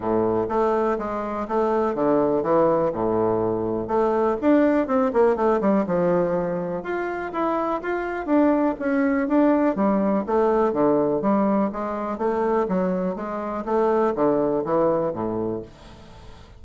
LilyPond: \new Staff \with { instrumentName = "bassoon" } { \time 4/4 \tempo 4 = 123 a,4 a4 gis4 a4 | d4 e4 a,2 | a4 d'4 c'8 ais8 a8 g8 | f2 f'4 e'4 |
f'4 d'4 cis'4 d'4 | g4 a4 d4 g4 | gis4 a4 fis4 gis4 | a4 d4 e4 a,4 | }